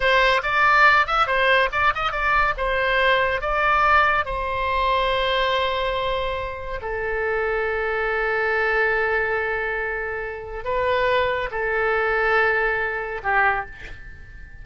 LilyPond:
\new Staff \with { instrumentName = "oboe" } { \time 4/4 \tempo 4 = 141 c''4 d''4. e''8 c''4 | d''8 dis''8 d''4 c''2 | d''2 c''2~ | c''1 |
a'1~ | a'1~ | a'4 b'2 a'4~ | a'2. g'4 | }